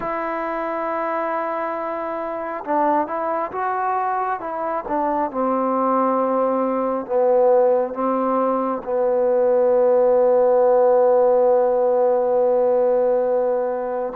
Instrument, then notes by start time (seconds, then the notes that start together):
trombone
0.00 E4
2.64 D4
3.06 E4
3.51 F#4
4.40 E4
4.88 D4
5.31 C4
7.05 B3
7.93 C4
8.84 B3